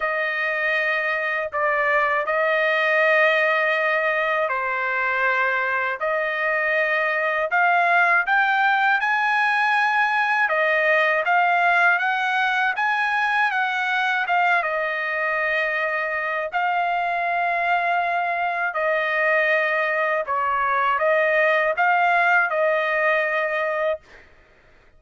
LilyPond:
\new Staff \with { instrumentName = "trumpet" } { \time 4/4 \tempo 4 = 80 dis''2 d''4 dis''4~ | dis''2 c''2 | dis''2 f''4 g''4 | gis''2 dis''4 f''4 |
fis''4 gis''4 fis''4 f''8 dis''8~ | dis''2 f''2~ | f''4 dis''2 cis''4 | dis''4 f''4 dis''2 | }